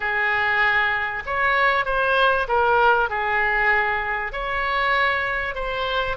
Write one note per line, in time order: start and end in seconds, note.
0.00 1.23 G#4
1.25 1.85 C#5
1.85 2.47 C5
2.48 3.09 A#4
3.09 4.32 G#4
4.32 5.54 C#5
5.54 6.16 C5